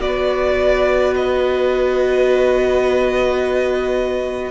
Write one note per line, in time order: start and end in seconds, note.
0.00 4.51 B3
0.00 4.51 F#4
0.00 4.51 B4
0.00 1.14 D5
1.16 4.51 D#5